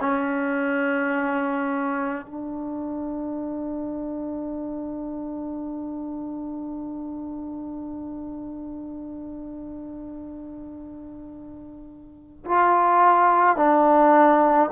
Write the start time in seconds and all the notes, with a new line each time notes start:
0.00 C#4
2.26 D4
12.45 F4
13.56 D4